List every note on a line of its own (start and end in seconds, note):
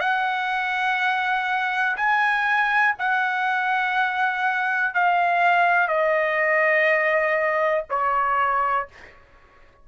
0.00 1.97 F#5
1.97 2.96 G#5
2.99 4.95 F#5
4.95 5.88 F5
5.88 7.85 D#5
7.90 8.89 C#5